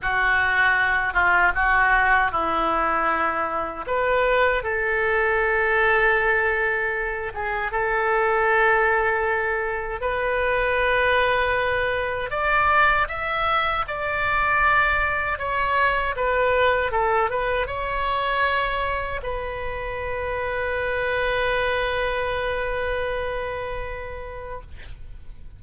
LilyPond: \new Staff \with { instrumentName = "oboe" } { \time 4/4 \tempo 4 = 78 fis'4. f'8 fis'4 e'4~ | e'4 b'4 a'2~ | a'4. gis'8 a'2~ | a'4 b'2. |
d''4 e''4 d''2 | cis''4 b'4 a'8 b'8 cis''4~ | cis''4 b'2.~ | b'1 | }